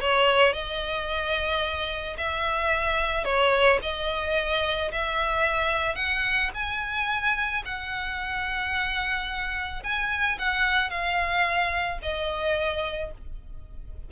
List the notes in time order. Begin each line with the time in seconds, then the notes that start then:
0.00 C#5
0.53 D#5
2.17 E5
3.24 C#5
3.82 D#5
4.91 E5
5.95 F#5
6.54 G#5
7.65 F#5
9.83 G#5
10.38 F#5
10.90 F5
12.02 D#5